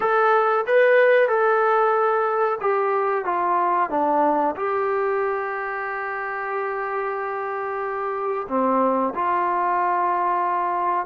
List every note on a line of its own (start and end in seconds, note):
0.00 0.65 A4
0.66 1.28 B4
1.28 2.58 A4
2.61 3.25 G4
3.25 3.90 F4
3.90 4.55 D4
4.55 8.47 G4
8.48 9.13 C4
9.15 11.06 F4